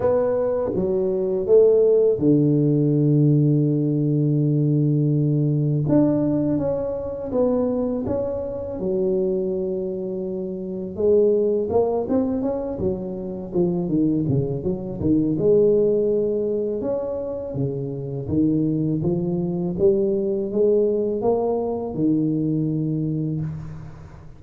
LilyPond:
\new Staff \with { instrumentName = "tuba" } { \time 4/4 \tempo 4 = 82 b4 fis4 a4 d4~ | d1 | d'4 cis'4 b4 cis'4 | fis2. gis4 |
ais8 c'8 cis'8 fis4 f8 dis8 cis8 | fis8 dis8 gis2 cis'4 | cis4 dis4 f4 g4 | gis4 ais4 dis2 | }